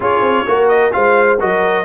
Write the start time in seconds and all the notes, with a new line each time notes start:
0.00 C#4 F4 G#4 C#5
0.21 C4
0.46 A#3 F#4 A#4
0.68 D#5
0.91 G#3 F4 C5 F5
1.39 F#3 F#4 A#4 D#5